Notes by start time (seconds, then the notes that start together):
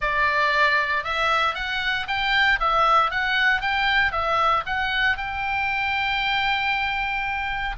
0.01 D5
1.03 E5
1.54 F#5
2.07 G5
2.60 E5
3.10 F#5
3.61 G5
4.12 E5
4.66 F#5
5.17 G5